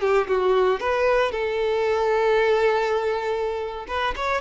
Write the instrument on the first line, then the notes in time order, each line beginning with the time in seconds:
violin
0.00 G4
0.27 F#4
0.80 B4
1.31 A4
3.87 B4
4.16 C#5